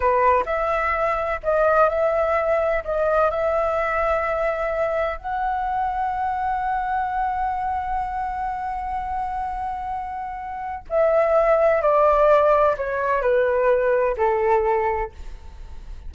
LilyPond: \new Staff \with { instrumentName = "flute" } { \time 4/4 \tempo 4 = 127 b'4 e''2 dis''4 | e''2 dis''4 e''4~ | e''2. fis''4~ | fis''1~ |
fis''1~ | fis''2. e''4~ | e''4 d''2 cis''4 | b'2 a'2 | }